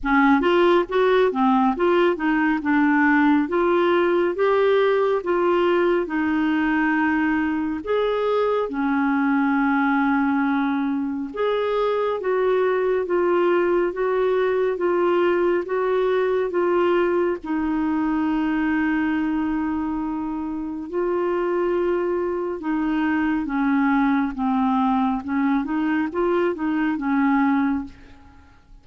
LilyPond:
\new Staff \with { instrumentName = "clarinet" } { \time 4/4 \tempo 4 = 69 cis'8 f'8 fis'8 c'8 f'8 dis'8 d'4 | f'4 g'4 f'4 dis'4~ | dis'4 gis'4 cis'2~ | cis'4 gis'4 fis'4 f'4 |
fis'4 f'4 fis'4 f'4 | dis'1 | f'2 dis'4 cis'4 | c'4 cis'8 dis'8 f'8 dis'8 cis'4 | }